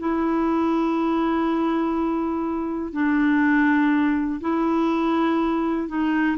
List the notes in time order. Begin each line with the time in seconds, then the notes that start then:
0.00 E4
2.93 D4
4.41 E4
5.89 D#4